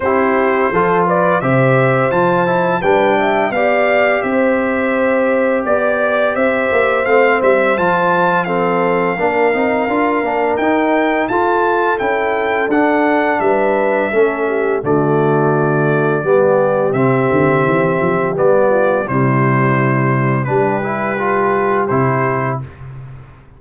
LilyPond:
<<
  \new Staff \with { instrumentName = "trumpet" } { \time 4/4 \tempo 4 = 85 c''4. d''8 e''4 a''4 | g''4 f''4 e''2 | d''4 e''4 f''8 e''8 a''4 | f''2. g''4 |
a''4 g''4 fis''4 e''4~ | e''4 d''2. | e''2 d''4 c''4~ | c''4 b'2 c''4 | }
  \new Staff \with { instrumentName = "horn" } { \time 4/4 g'4 a'8 b'8 c''2 | b'8 e''8 d''4 c''2 | d''4 c''2. | a'4 ais'2. |
a'2. b'4 | a'8 g'8 fis'2 g'4~ | g'2~ g'8 f'8 e'4~ | e'4 g'2. | }
  \new Staff \with { instrumentName = "trombone" } { \time 4/4 e'4 f'4 g'4 f'8 e'8 | d'4 g'2.~ | g'2 c'4 f'4 | c'4 d'8 dis'8 f'8 d'8 dis'4 |
f'4 e'4 d'2 | cis'4 a2 b4 | c'2 b4 g4~ | g4 d'8 e'8 f'4 e'4 | }
  \new Staff \with { instrumentName = "tuba" } { \time 4/4 c'4 f4 c4 f4 | g4 b4 c'2 | b4 c'8 ais8 a8 g8 f4~ | f4 ais8 c'8 d'8 ais8 dis'4 |
f'4 cis'4 d'4 g4 | a4 d2 g4 | c8 d8 e8 f8 g4 c4~ | c4 g2 c4 | }
>>